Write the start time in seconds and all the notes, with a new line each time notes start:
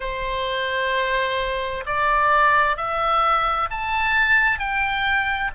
0.00 C5
1.85 D5
2.77 E5
3.70 A5
4.58 G5